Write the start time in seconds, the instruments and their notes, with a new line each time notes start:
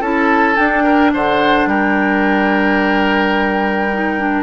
0.00 bassoon C#4, clarinet E4, oboe A4, flute A5
0.55 clarinet D4, bassoon D4, flute G5
0.83 oboe A#4
1.13 bassoon D3, oboe C5, flute F#5
1.66 bassoon G3, oboe A#4, flute G5
3.93 clarinet D#4
4.18 clarinet D4